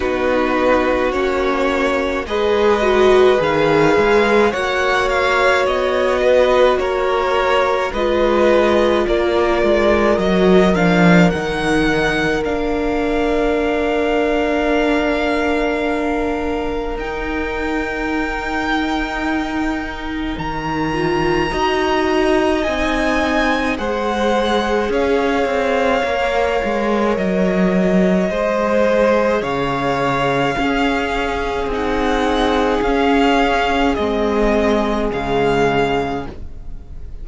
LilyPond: <<
  \new Staff \with { instrumentName = "violin" } { \time 4/4 \tempo 4 = 53 b'4 cis''4 dis''4 f''4 | fis''8 f''8 dis''4 cis''4 dis''4 | d''4 dis''8 f''8 fis''4 f''4~ | f''2. g''4~ |
g''2 ais''2 | gis''4 fis''4 f''2 | dis''2 f''2 | fis''4 f''4 dis''4 f''4 | }
  \new Staff \with { instrumentName = "violin" } { \time 4/4 fis'2 b'2 | cis''4. b'8 ais'4 b'4 | ais'1~ | ais'1~ |
ais'2. dis''4~ | dis''4 c''4 cis''2~ | cis''4 c''4 cis''4 gis'4~ | gis'1 | }
  \new Staff \with { instrumentName = "viola" } { \time 4/4 dis'4 cis'4 gis'8 fis'8 gis'4 | fis'2. f'4~ | f'4 fis'8 d'8 dis'4 d'4~ | d'2. dis'4~ |
dis'2~ dis'8 f'8 fis'4 | dis'4 gis'2 ais'4~ | ais'4 gis'2 cis'4 | dis'4 cis'4 c'4 gis4 | }
  \new Staff \with { instrumentName = "cello" } { \time 4/4 b4 ais4 gis4 dis8 gis8 | ais4 b4 ais4 gis4 | ais8 gis8 fis8 f8 dis4 ais4~ | ais2. dis'4~ |
dis'2 dis4 dis'4 | c'4 gis4 cis'8 c'8 ais8 gis8 | fis4 gis4 cis4 cis'4 | c'4 cis'4 gis4 cis4 | }
>>